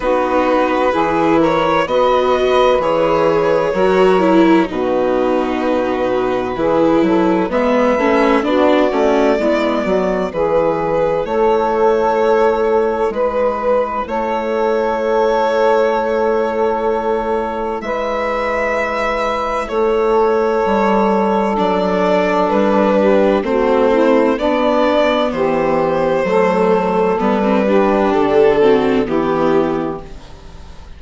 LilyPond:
<<
  \new Staff \with { instrumentName = "violin" } { \time 4/4 \tempo 4 = 64 b'4. cis''8 dis''4 cis''4~ | cis''4 b'2. | e''4 d''2 b'4 | cis''2 b'4 cis''4~ |
cis''2. e''4~ | e''4 cis''2 d''4 | b'4 c''4 d''4 c''4~ | c''4 b'4 a'4 g'4 | }
  \new Staff \with { instrumentName = "saxophone" } { \time 4/4 fis'4 gis'8 ais'8 b'2 | ais'4 fis'2 gis'8 a'8 | b'4 fis'4 e'8 fis'8 gis'4 | a'2 b'4 a'4~ |
a'2. b'4~ | b'4 a'2.~ | a'8 g'8 fis'8 e'8 d'4 g'4 | a'4. g'4 fis'8 e'4 | }
  \new Staff \with { instrumentName = "viola" } { \time 4/4 dis'4 e'4 fis'4 gis'4 | fis'8 e'8 dis'2 e'4 | b8 cis'8 d'8 cis'8 b4 e'4~ | e'1~ |
e'1~ | e'2. d'4~ | d'4 c'4 b2 | a4 b16 c'16 d'4 c'8 b4 | }
  \new Staff \with { instrumentName = "bassoon" } { \time 4/4 b4 e4 b4 e4 | fis4 b,2 e8 fis8 | gis8 a8 b8 a8 gis8 fis8 e4 | a2 gis4 a4~ |
a2. gis4~ | gis4 a4 g4 fis4 | g4 a4 b4 e4 | fis4 g4 d4 e4 | }
>>